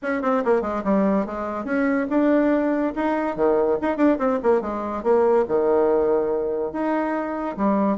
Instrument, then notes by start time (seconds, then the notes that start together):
bassoon
0.02 C#4
0.22 C4
0.44 A#3
0.61 G#3
0.84 G3
1.25 G#3
1.65 C#4
2.09 D4
2.95 D#4
3.36 D#3
3.81 D#4
3.97 D4
4.18 C4
4.42 A#3
4.61 G#3
5.03 A#3
5.48 D#3
6.72 D#4
7.57 G3